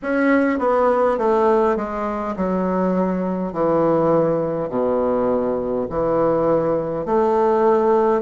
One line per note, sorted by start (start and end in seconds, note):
0.02 0.59 C#4
0.59 1.18 B3
1.18 1.76 A3
1.76 2.35 G#3
2.36 3.52 F#3
3.52 4.68 E3
4.68 5.86 B2
5.89 7.05 E3
7.05 8.21 A3